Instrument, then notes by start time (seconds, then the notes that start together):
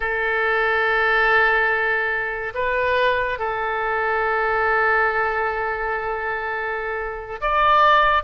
oboe
0.00 A4
2.54 B4
3.38 A4
7.41 D5